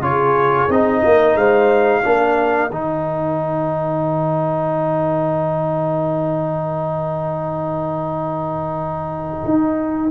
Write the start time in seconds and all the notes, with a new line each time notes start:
0.00 C#3 F4 G#4 C#5
0.69 C4 D#4 D#5
1.04 A#3 A#4
1.35 G#3 C5 F5
2.04 A#3 D4 A#4
2.70 D#3 D#4 G5
9.44 D#4